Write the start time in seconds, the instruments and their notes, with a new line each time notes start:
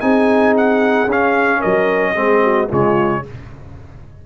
0.00 tuba C4, trombone D#4, horn G#4, trumpet G#5
0.57 trumpet F#5
1.06 tuba C#4, trombone C#4, trumpet F5
1.59 tuba F#3, horn A#4, trumpet D#5
2.15 tuba G#3, trombone C4, horn G#4
2.42 horn F#4
2.69 tuba C#3, trombone G#3, horn F4, trumpet C#5